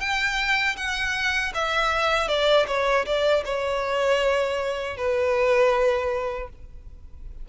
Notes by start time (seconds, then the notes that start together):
0.00 G5
0.77 F#5
1.54 E5
2.28 D5
2.67 C#5
3.06 D5
3.45 C#5
4.97 B4